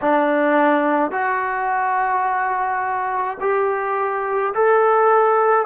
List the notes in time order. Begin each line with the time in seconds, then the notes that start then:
0.01 D4
1.11 F#4
3.40 G4
4.54 A4